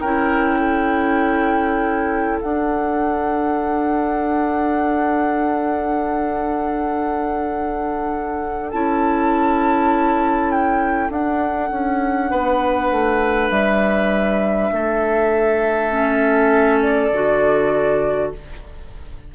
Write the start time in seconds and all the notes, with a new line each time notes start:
0.00 C#4 E4 A#4 G5
0.60 A4
2.41 D4 F#5
8.71 C#4 E4 A5
10.51 G5
11.10 D4 F#5
11.71 C#4
12.30 B3 B4
12.91 A3
13.50 G3 E5
14.71 A3 A4
15.91 C#4
16.82 D5
17.12 D3 F#4